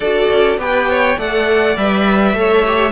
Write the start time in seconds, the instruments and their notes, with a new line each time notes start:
0.00 cello D4, viola F#4, violin A4 D5
0.32 cello C#4
0.57 cello B3, viola G4, violin B4 G5
0.90 violin C#5
1.17 cello A3, viola A4, violin D5 F#5
1.76 cello G3, viola B4, violin E5
2.33 cello A3, viola A4, violin C#5
2.66 viola G4